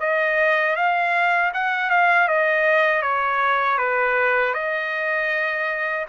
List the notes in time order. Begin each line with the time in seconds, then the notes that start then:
0.00 D#5
0.76 F5
1.54 F#5
1.90 F5
2.28 D#5
3.02 C#5
3.78 B4
4.54 D#5